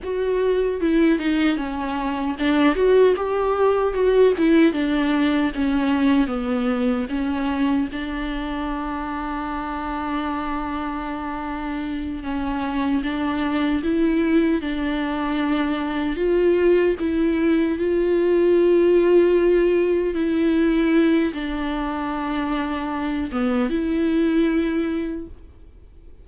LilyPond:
\new Staff \with { instrumentName = "viola" } { \time 4/4 \tempo 4 = 76 fis'4 e'8 dis'8 cis'4 d'8 fis'8 | g'4 fis'8 e'8 d'4 cis'4 | b4 cis'4 d'2~ | d'2.~ d'8 cis'8~ |
cis'8 d'4 e'4 d'4.~ | d'8 f'4 e'4 f'4.~ | f'4. e'4. d'4~ | d'4. b8 e'2 | }